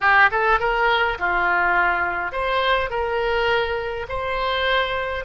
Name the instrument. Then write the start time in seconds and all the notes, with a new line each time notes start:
oboe
0.01 G4
0.31 A4
0.59 A#4
1.18 F4
2.31 C5
2.89 A#4
4.08 C5